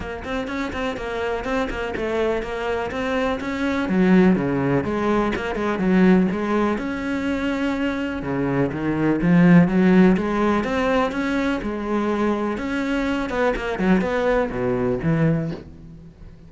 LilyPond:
\new Staff \with { instrumentName = "cello" } { \time 4/4 \tempo 4 = 124 ais8 c'8 cis'8 c'8 ais4 c'8 ais8 | a4 ais4 c'4 cis'4 | fis4 cis4 gis4 ais8 gis8 | fis4 gis4 cis'2~ |
cis'4 cis4 dis4 f4 | fis4 gis4 c'4 cis'4 | gis2 cis'4. b8 | ais8 fis8 b4 b,4 e4 | }